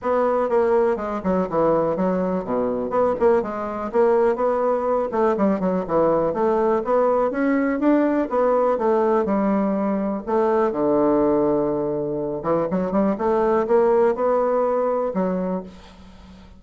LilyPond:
\new Staff \with { instrumentName = "bassoon" } { \time 4/4 \tempo 4 = 123 b4 ais4 gis8 fis8 e4 | fis4 b,4 b8 ais8 gis4 | ais4 b4. a8 g8 fis8 | e4 a4 b4 cis'4 |
d'4 b4 a4 g4~ | g4 a4 d2~ | d4. e8 fis8 g8 a4 | ais4 b2 fis4 | }